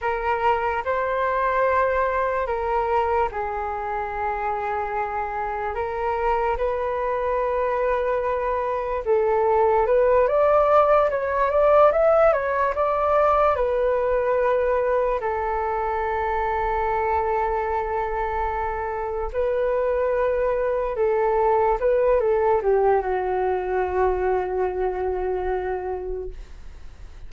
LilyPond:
\new Staff \with { instrumentName = "flute" } { \time 4/4 \tempo 4 = 73 ais'4 c''2 ais'4 | gis'2. ais'4 | b'2. a'4 | b'8 d''4 cis''8 d''8 e''8 cis''8 d''8~ |
d''8 b'2 a'4.~ | a'2.~ a'8 b'8~ | b'4. a'4 b'8 a'8 g'8 | fis'1 | }